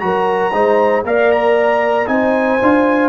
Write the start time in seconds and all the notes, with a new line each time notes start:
0.00 F#3 F#4 A#4 A#5
0.53 G#3 D#4 C5
1.04 A#3 A#4 D5 F5
1.32 A#5
2.07 C4 D#4 C5 G#5
2.62 D4 F4